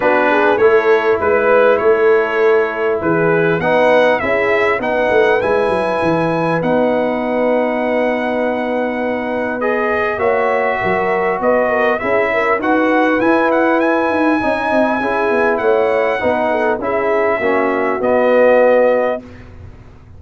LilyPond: <<
  \new Staff \with { instrumentName = "trumpet" } { \time 4/4 \tempo 4 = 100 b'4 cis''4 b'4 cis''4~ | cis''4 b'4 fis''4 e''4 | fis''4 gis''2 fis''4~ | fis''1 |
dis''4 e''2 dis''4 | e''4 fis''4 gis''8 fis''8 gis''4~ | gis''2 fis''2 | e''2 dis''2 | }
  \new Staff \with { instrumentName = "horn" } { \time 4/4 fis'8 gis'8 a'4 b'4 a'4~ | a'4 gis'4 b'4 gis'4 | b'1~ | b'1~ |
b'4 cis''4 ais'4 b'8 ais'8 | gis'8 ais'8 b'2. | dis''4 gis'4 cis''4 b'8 a'8 | gis'4 fis'2. | }
  \new Staff \with { instrumentName = "trombone" } { \time 4/4 d'4 e'2.~ | e'2 dis'4 e'4 | dis'4 e'2 dis'4~ | dis'1 |
gis'4 fis'2. | e'4 fis'4 e'2 | dis'4 e'2 dis'4 | e'4 cis'4 b2 | }
  \new Staff \with { instrumentName = "tuba" } { \time 4/4 b4 a4 gis4 a4~ | a4 e4 b4 cis'4 | b8 a8 gis8 fis8 e4 b4~ | b1~ |
b4 ais4 fis4 b4 | cis'4 dis'4 e'4. dis'8 | cis'8 c'8 cis'8 b8 a4 b4 | cis'4 ais4 b2 | }
>>